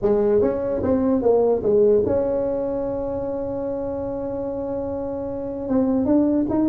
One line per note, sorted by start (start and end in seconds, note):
0.02 0.41 G#3
0.41 0.82 C#4
0.82 1.22 C4
1.22 1.62 A#3
1.62 2.03 G#3
2.06 5.68 C#4
5.68 6.05 C4
6.05 6.46 D4
6.49 6.68 D#4